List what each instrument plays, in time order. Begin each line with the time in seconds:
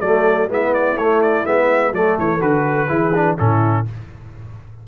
0.00 tuba F#3, trombone A3, horn A4, trumpet D5
0.48 tuba G#3, trombone B3, horn E4, trumpet E5
0.74 trumpet D5
0.96 tuba A3, trombone A3, trumpet C#5
1.22 trumpet D5
1.45 tuba G#3, trombone B3, trumpet E5
1.91 tuba F#3, trombone A3, horn A4, trumpet D5
2.18 tuba E3, trumpet C#5
2.40 tuba D3, trombone F#4, trumpet B4
2.88 tuba E3, trombone E4, horn G#4
3.14 trombone D4
3.37 tuba A2, trombone C#4, horn E4, trumpet A4